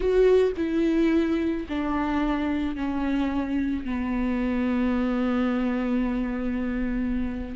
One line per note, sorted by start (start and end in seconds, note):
0.00 0.52 F#4
0.57 1.67 E4
1.68 2.75 D4
2.75 3.84 C#4
3.84 7.56 B3